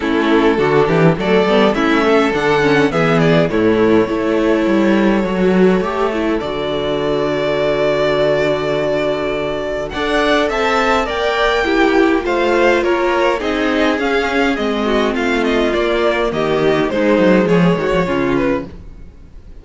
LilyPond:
<<
  \new Staff \with { instrumentName = "violin" } { \time 4/4 \tempo 4 = 103 a'2 d''4 e''4 | fis''4 e''8 d''8 cis''2~ | cis''2. d''4~ | d''1~ |
d''4 fis''4 a''4 g''4~ | g''4 f''4 cis''4 dis''4 | f''4 dis''4 f''8 dis''8 d''4 | dis''4 c''4 cis''4. b'8 | }
  \new Staff \with { instrumentName = "violin" } { \time 4/4 e'4 fis'8 g'8 a'4 e'8 a'8~ | a'4 gis'4 e'4 a'4~ | a'1~ | a'1~ |
a'4 d''4 e''4 d''4 | g'4 c''4 ais'4 gis'4~ | gis'4. fis'8 f'2 | g'4 dis'4 gis'8 fis'8 f'4 | }
  \new Staff \with { instrumentName = "viola" } { \time 4/4 cis'4 d'4 a8 b8 cis'4 | d'8 cis'8 b4 a4 e'4~ | e'4 fis'4 g'8 e'8 fis'4~ | fis'1~ |
fis'4 a'2 ais'4 | e'4 f'2 dis'4 | cis'4 c'2 ais4~ | ais4 gis2 cis'4 | }
  \new Staff \with { instrumentName = "cello" } { \time 4/4 a4 d8 e8 fis8 g8 a4 | d4 e4 a,4 a4 | g4 fis4 a4 d4~ | d1~ |
d4 d'4 c'4 ais4~ | ais4 a4 ais4 c'4 | cis'4 gis4 a4 ais4 | dis4 gis8 fis8 f8 dis16 f16 cis4 | }
>>